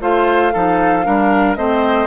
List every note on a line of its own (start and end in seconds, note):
0.00 0.53 A3
0.00 0.53 F4
0.00 0.53 C5
0.00 1.56 F5
0.53 1.07 F3
0.53 1.04 D#4
0.53 1.05 A4
1.04 1.57 G3
1.04 1.56 D4
1.04 1.57 A#4
1.56 2.07 A3
1.56 2.07 C4
1.56 2.07 C5
1.56 2.07 D#5